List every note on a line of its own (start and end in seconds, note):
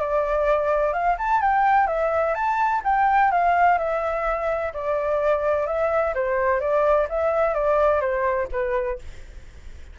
0.00 0.93 D5
0.93 1.17 F5
1.18 1.42 A5
1.42 1.87 G5
1.87 2.35 E5
2.35 2.82 A5
2.85 3.32 G5
3.32 3.79 F5
3.79 4.73 E5
4.74 5.67 D5
5.67 6.14 E5
6.15 6.60 C5
6.60 7.08 D5
7.10 7.54 E5
7.54 8.01 D5
8.01 8.48 C5
8.52 8.99 B4